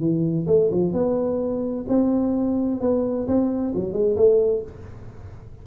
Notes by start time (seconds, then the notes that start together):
0.00 E3
0.47 A3
0.71 F3
0.93 B3
1.88 C4
2.81 B3
3.27 C4
3.75 F#3
3.93 G#3
4.16 A3